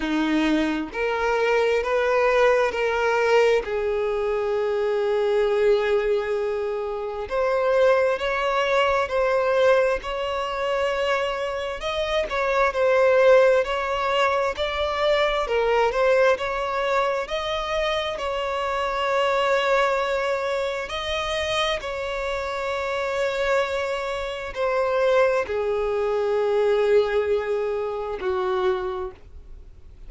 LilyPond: \new Staff \with { instrumentName = "violin" } { \time 4/4 \tempo 4 = 66 dis'4 ais'4 b'4 ais'4 | gis'1 | c''4 cis''4 c''4 cis''4~ | cis''4 dis''8 cis''8 c''4 cis''4 |
d''4 ais'8 c''8 cis''4 dis''4 | cis''2. dis''4 | cis''2. c''4 | gis'2. fis'4 | }